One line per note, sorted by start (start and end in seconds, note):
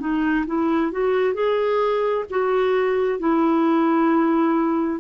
0.00 0.45 D#4
0.47 0.92 E4
0.92 1.34 F#4
1.34 2.25 G#4
2.30 3.19 F#4
3.19 5.00 E4